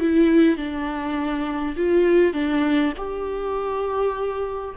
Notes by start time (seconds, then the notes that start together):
0.00 E4
0.57 D4
1.76 F4
2.34 D4
2.97 G4